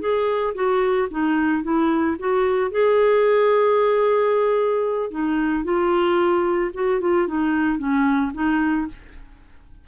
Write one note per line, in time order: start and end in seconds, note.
0.00 0.54 G#4
0.55 1.08 F#4
1.11 1.63 D#4
1.63 2.17 E4
2.19 2.71 F#4
2.71 5.11 G#4
5.11 5.64 D#4
5.64 6.71 F4
6.74 7.01 F#4
7.01 7.27 F4
7.27 7.78 D#4
7.78 8.32 C#4
8.34 8.87 D#4